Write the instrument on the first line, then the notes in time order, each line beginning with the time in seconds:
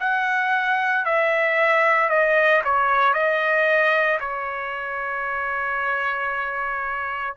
trumpet
0.00 F#5
1.05 E5
2.09 D#5
2.65 C#5
3.13 D#5
4.20 C#5